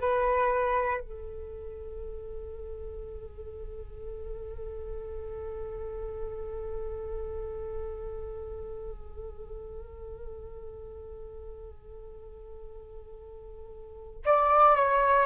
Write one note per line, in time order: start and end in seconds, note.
0.00 1.00 B4
1.00 14.22 A4
14.25 14.75 D5
14.75 15.26 C#5